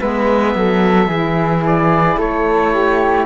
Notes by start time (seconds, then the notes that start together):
0.00 G#3 B3 B4 E5
0.55 F#3 A4
1.07 E3 E4 G#4
1.66 D5
2.17 A3 A4 C#5
2.73 G4